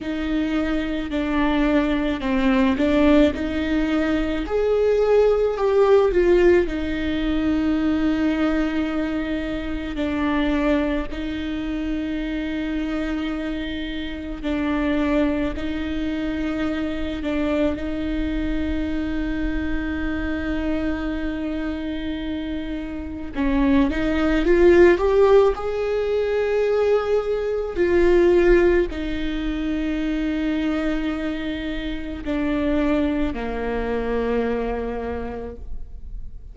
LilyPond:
\new Staff \with { instrumentName = "viola" } { \time 4/4 \tempo 4 = 54 dis'4 d'4 c'8 d'8 dis'4 | gis'4 g'8 f'8 dis'2~ | dis'4 d'4 dis'2~ | dis'4 d'4 dis'4. d'8 |
dis'1~ | dis'4 cis'8 dis'8 f'8 g'8 gis'4~ | gis'4 f'4 dis'2~ | dis'4 d'4 ais2 | }